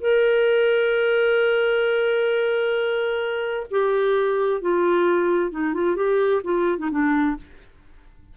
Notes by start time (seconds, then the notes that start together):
0.00 A#4
3.71 G4
4.61 F4
5.51 D#4
5.74 F4
5.96 G4
6.44 F4
6.78 D#4
6.91 D4